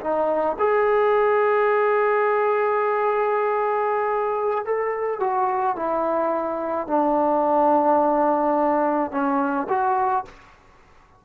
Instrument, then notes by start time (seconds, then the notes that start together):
trombone
0.00 D#4
0.59 G#4
4.65 A4
5.20 F#4
5.76 E4
6.87 D4
9.11 C#4
9.69 F#4